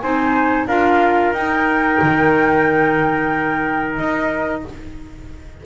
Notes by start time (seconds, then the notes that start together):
0.00 C4 D#4 C5 G#5
0.67 D4 F4 A#4 F5
1.33 D#4 G5
2.02 D#3
3.96 D#4 D#5